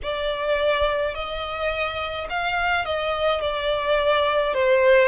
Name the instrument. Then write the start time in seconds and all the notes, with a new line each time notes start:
violin
0.03 D5
1.14 D#5
2.29 F5
2.85 D#5
3.40 D5
4.53 C5